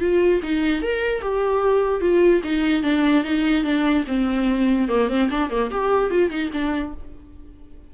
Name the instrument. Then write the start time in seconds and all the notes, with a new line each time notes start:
viola
0.00 F4
0.43 D#4
0.82 A#4
1.21 G4
2.01 F4
2.43 D#4
2.83 D4
3.24 D#4
3.64 D4
4.07 C4
4.88 A#3
5.09 C4
5.30 D4
5.50 A#3
5.71 G4
6.10 F4
6.30 D#4
6.53 D4